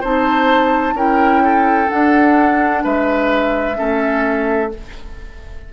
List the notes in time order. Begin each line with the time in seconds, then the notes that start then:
0.00 C4 D#4 C5 A5
0.94 C#4 E4 A#4 G5
1.44 A4
1.88 D4 F#5
2.83 G#3 B4 E5
3.75 A3 C#4 A4